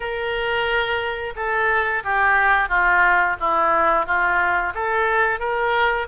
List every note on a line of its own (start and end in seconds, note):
0.00 1.33 A#4
1.35 2.03 A4
2.04 2.68 G4
2.68 3.36 F4
3.40 4.05 E4
4.05 4.73 F4
4.74 5.39 A4
5.39 6.07 A#4